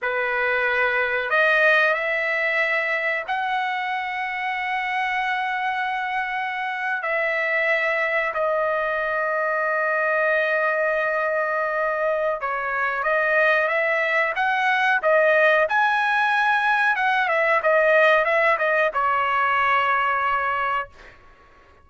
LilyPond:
\new Staff \with { instrumentName = "trumpet" } { \time 4/4 \tempo 4 = 92 b'2 dis''4 e''4~ | e''4 fis''2.~ | fis''2~ fis''8. e''4~ e''16~ | e''8. dis''2.~ dis''16~ |
dis''2. cis''4 | dis''4 e''4 fis''4 dis''4 | gis''2 fis''8 e''8 dis''4 | e''8 dis''8 cis''2. | }